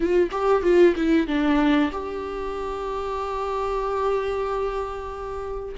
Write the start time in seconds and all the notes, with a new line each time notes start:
0.00 F4
0.31 G4
0.62 F4
0.96 E4
1.27 D4
1.92 G4